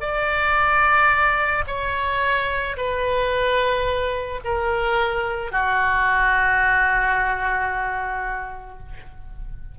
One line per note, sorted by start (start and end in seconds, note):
0.00 1.64 D5
1.67 2.76 C#5
2.77 4.40 B4
4.44 5.51 A#4
5.51 8.79 F#4